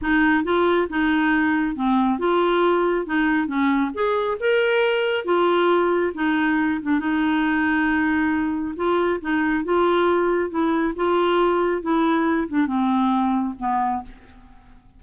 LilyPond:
\new Staff \with { instrumentName = "clarinet" } { \time 4/4 \tempo 4 = 137 dis'4 f'4 dis'2 | c'4 f'2 dis'4 | cis'4 gis'4 ais'2 | f'2 dis'4. d'8 |
dis'1 | f'4 dis'4 f'2 | e'4 f'2 e'4~ | e'8 d'8 c'2 b4 | }